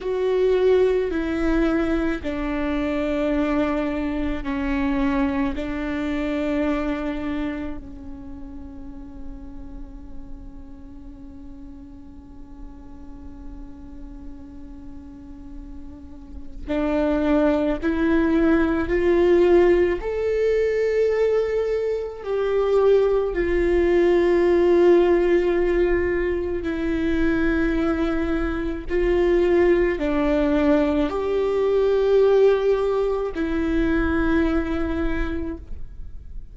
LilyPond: \new Staff \with { instrumentName = "viola" } { \time 4/4 \tempo 4 = 54 fis'4 e'4 d'2 | cis'4 d'2 cis'4~ | cis'1~ | cis'2. d'4 |
e'4 f'4 a'2 | g'4 f'2. | e'2 f'4 d'4 | g'2 e'2 | }